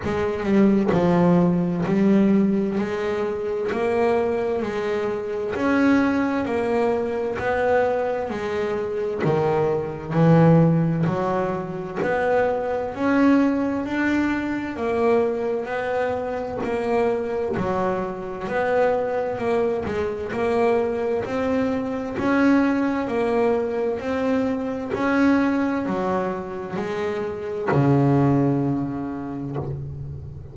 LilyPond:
\new Staff \with { instrumentName = "double bass" } { \time 4/4 \tempo 4 = 65 gis8 g8 f4 g4 gis4 | ais4 gis4 cis'4 ais4 | b4 gis4 dis4 e4 | fis4 b4 cis'4 d'4 |
ais4 b4 ais4 fis4 | b4 ais8 gis8 ais4 c'4 | cis'4 ais4 c'4 cis'4 | fis4 gis4 cis2 | }